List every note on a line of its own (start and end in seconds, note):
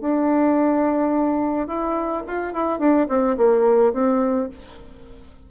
0.00 1.67 D4
1.67 2.23 E4
2.27 2.53 F4
2.53 2.79 E4
2.79 3.07 D4
3.08 3.36 C4
3.37 3.93 A#3
3.93 4.49 C4